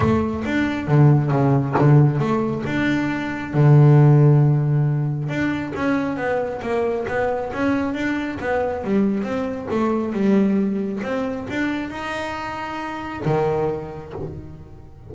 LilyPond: \new Staff \with { instrumentName = "double bass" } { \time 4/4 \tempo 4 = 136 a4 d'4 d4 cis4 | d4 a4 d'2 | d1 | d'4 cis'4 b4 ais4 |
b4 cis'4 d'4 b4 | g4 c'4 a4 g4~ | g4 c'4 d'4 dis'4~ | dis'2 dis2 | }